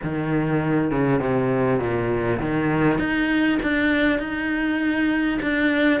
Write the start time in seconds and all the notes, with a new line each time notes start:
0.03 D#3
0.91 C#3
1.19 C3
1.79 A#2
2.39 D#3
2.98 D#4
3.62 D4
4.19 D#4
5.41 D4